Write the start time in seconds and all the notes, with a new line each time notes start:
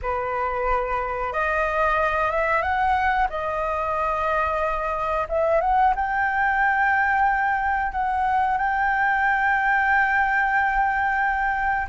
0.01 B4
1.32 D#5
2.31 E5
2.61 F#5
3.29 D#5
5.28 E5
5.60 F#5
5.95 G5
7.92 F#5
8.57 G5